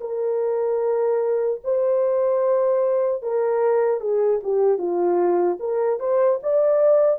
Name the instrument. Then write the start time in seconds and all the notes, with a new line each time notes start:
horn
0.00 A#4
1.64 C5
3.22 A#4
4.00 G#4
4.43 G4
4.77 F4
5.59 A#4
5.99 C5
6.43 D5